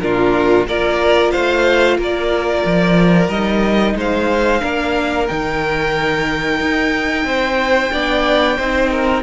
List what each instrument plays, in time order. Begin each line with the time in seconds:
0.00 cello A#2, viola D4, violin F4 A#4
0.67 cello A#3, viola F4, violin A#4 D5
1.31 cello A3, violin C5 F5
1.98 cello A#3, violin A#4 D5
2.65 cello F3
3.28 cello G3, viola D#4, violin D#5
3.95 cello G#3, violin C5 F5
4.61 cello A#3, viola D4, violin A#4
5.27 cello D#3, viola D#4, violin G5
6.60 cello D#4
7.24 cello C4, violin C5
7.92 cello B3, viola D4, violin D5
8.57 cello C4, viola D#4, violin C5
8.90 violin A#4